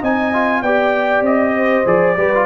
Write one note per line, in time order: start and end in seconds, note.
0.00 0.63 C4
0.00 0.34 D#4
0.00 0.61 D#5
0.00 0.62 G#5
0.34 0.64 F4
0.62 1.22 B3
0.62 1.86 G4
0.62 1.54 D5
0.62 1.24 G5
1.22 1.83 C4
1.22 1.87 D#5
1.57 2.18 C5
1.86 2.17 F3
1.86 2.17 G#4
1.86 2.46 D5
2.17 2.46 G3
2.17 2.33 G4
2.17 2.46 B4
2.35 2.46 F4